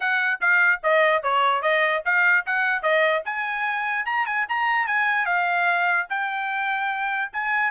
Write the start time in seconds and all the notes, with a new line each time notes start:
0.00 F#5
0.40 F5
0.83 D#5
1.22 C#5
1.62 D#5
2.05 F5
2.45 F#5
2.82 D#5
3.25 G#5
4.05 A#5
4.26 G#5
4.48 A#5
4.86 G#5
5.25 F5
6.09 G5
7.32 G#5